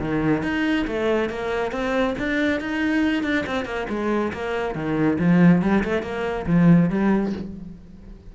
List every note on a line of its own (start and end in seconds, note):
0.00 0.43 D#3
0.43 0.87 D#4
0.88 1.30 A3
1.30 1.72 A#3
1.72 2.15 C4
2.19 2.61 D4
2.61 3.24 D#4
3.24 3.46 D4
3.47 3.66 C4
3.66 3.87 A#3
3.90 4.33 G#3
4.33 4.75 A#3
4.75 5.19 D#3
5.19 5.63 F3
5.63 5.84 G3
5.84 6.03 A3
6.03 6.46 A#3
6.47 6.90 F3
6.90 7.33 G3